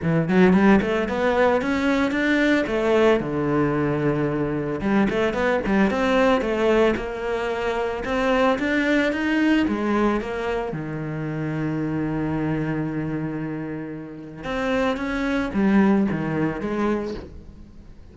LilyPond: \new Staff \with { instrumentName = "cello" } { \time 4/4 \tempo 4 = 112 e8 fis8 g8 a8 b4 cis'4 | d'4 a4 d2~ | d4 g8 a8 b8 g8 c'4 | a4 ais2 c'4 |
d'4 dis'4 gis4 ais4 | dis1~ | dis2. c'4 | cis'4 g4 dis4 gis4 | }